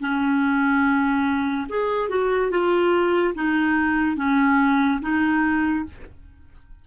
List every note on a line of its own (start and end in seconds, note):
0.00 1.67 C#4
1.69 2.09 G#4
2.09 2.50 F#4
2.50 3.34 F4
3.34 4.16 D#4
4.16 5.00 C#4
5.02 5.85 D#4